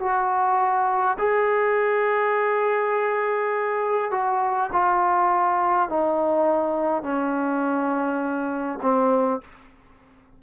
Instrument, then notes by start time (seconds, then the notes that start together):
trombone
0.00 F#4
1.19 G#4
4.11 F#4
4.73 F4
5.89 D#4
7.03 C#4
8.82 C4